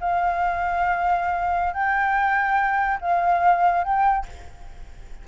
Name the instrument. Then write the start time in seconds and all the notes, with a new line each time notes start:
flute
0.00 F5
1.73 G5
3.01 F5
3.84 G5